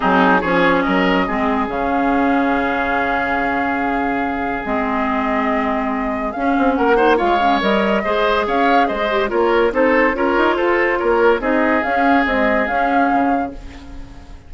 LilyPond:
<<
  \new Staff \with { instrumentName = "flute" } { \time 4/4 \tempo 4 = 142 gis'4 cis''4 dis''2 | f''1~ | f''2. dis''4~ | dis''2. f''4 |
fis''4 f''4 dis''2 | f''4 dis''4 cis''4 c''4 | cis''4 c''4 cis''4 dis''4 | f''4 dis''4 f''2 | }
  \new Staff \with { instrumentName = "oboe" } { \time 4/4 dis'4 gis'4 ais'4 gis'4~ | gis'1~ | gis'1~ | gis'1 |
ais'8 c''8 cis''2 c''4 | cis''4 c''4 ais'4 a'4 | ais'4 a'4 ais'4 gis'4~ | gis'1 | }
  \new Staff \with { instrumentName = "clarinet" } { \time 4/4 c'4 cis'2 c'4 | cis'1~ | cis'2. c'4~ | c'2. cis'4~ |
cis'8 dis'8 f'8 cis'8 ais'4 gis'4~ | gis'4. g'8 f'4 dis'4 | f'2. dis'4 | cis'4 gis4 cis'2 | }
  \new Staff \with { instrumentName = "bassoon" } { \time 4/4 fis4 f4 fis4 gis4 | cis1~ | cis2. gis4~ | gis2. cis'8 c'8 |
ais4 gis4 g4 gis4 | cis'4 gis4 ais4 c'4 | cis'8 dis'8 f'4 ais4 c'4 | cis'4 c'4 cis'4 cis4 | }
>>